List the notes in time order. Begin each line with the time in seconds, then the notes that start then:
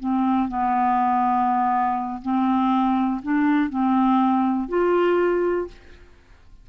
0.00 C4
0.49 B3
2.22 C4
3.23 D4
3.70 C4
4.69 F4